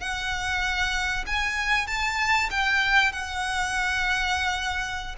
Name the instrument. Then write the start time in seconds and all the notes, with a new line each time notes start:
violin
0.00 F#5
1.26 G#5
1.87 A5
2.51 G5
3.12 F#5